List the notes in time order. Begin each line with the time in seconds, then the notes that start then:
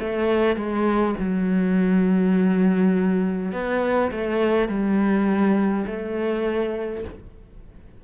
0.00 A3
0.56 G#3
1.20 F#3
3.52 B3
4.12 A3
4.68 G3
5.87 A3